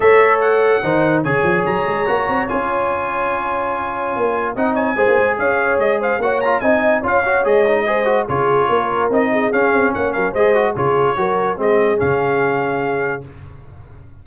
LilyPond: <<
  \new Staff \with { instrumentName = "trumpet" } { \time 4/4 \tempo 4 = 145 e''4 fis''2 gis''4 | ais''2 gis''2~ | gis''2. fis''8 gis''8~ | gis''4 f''4 dis''8 f''8 fis''8 ais''8 |
gis''4 f''4 dis''2 | cis''2 dis''4 f''4 | fis''8 f''8 dis''4 cis''2 | dis''4 f''2. | }
  \new Staff \with { instrumentName = "horn" } { \time 4/4 cis''2 c''4 cis''4~ | cis''1~ | cis''2. dis''8 cis''8 | c''4 cis''4. c''8 cis''4 |
dis''4 cis''2 c''4 | gis'4 ais'4. gis'4. | cis''8 ais'8 c''4 gis'4 ais'4 | gis'1 | }
  \new Staff \with { instrumentName = "trombone" } { \time 4/4 a'2 dis'4 gis'4~ | gis'4 fis'4 f'2~ | f'2. dis'4 | gis'2. fis'8 f'8 |
dis'4 f'8 fis'8 gis'8 dis'8 gis'8 fis'8 | f'2 dis'4 cis'4~ | cis'4 gis'8 fis'8 f'4 fis'4 | c'4 cis'2. | }
  \new Staff \with { instrumentName = "tuba" } { \time 4/4 a2 dis4 cis8 f8 | fis8 gis8 ais8 c'8 cis'2~ | cis'2 ais4 c'4 | gis16 ais16 gis8 cis'4 gis4 ais4 |
c'4 cis'4 gis2 | cis4 ais4 c'4 cis'8 c'8 | ais8 fis8 gis4 cis4 fis4 | gis4 cis2. | }
>>